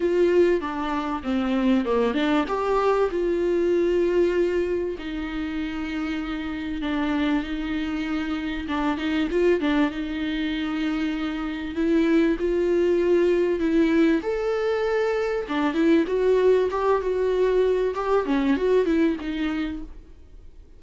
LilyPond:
\new Staff \with { instrumentName = "viola" } { \time 4/4 \tempo 4 = 97 f'4 d'4 c'4 ais8 d'8 | g'4 f'2. | dis'2. d'4 | dis'2 d'8 dis'8 f'8 d'8 |
dis'2. e'4 | f'2 e'4 a'4~ | a'4 d'8 e'8 fis'4 g'8 fis'8~ | fis'4 g'8 cis'8 fis'8 e'8 dis'4 | }